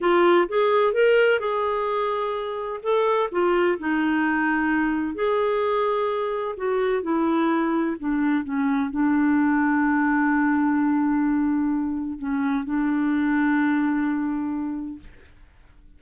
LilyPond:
\new Staff \with { instrumentName = "clarinet" } { \time 4/4 \tempo 4 = 128 f'4 gis'4 ais'4 gis'4~ | gis'2 a'4 f'4 | dis'2. gis'4~ | gis'2 fis'4 e'4~ |
e'4 d'4 cis'4 d'4~ | d'1~ | d'2 cis'4 d'4~ | d'1 | }